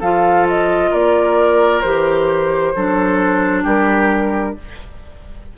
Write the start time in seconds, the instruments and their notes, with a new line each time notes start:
0.00 bassoon F3, clarinet F4, oboe A4, flute F5
0.48 flute D#5
0.91 bassoon A#3, oboe A#4, flute D5
1.81 bassoon E3, clarinet G4, flute C5
2.76 bassoon F#3, clarinet D4, oboe A4
3.63 bassoon G3, oboe G4, flute A#4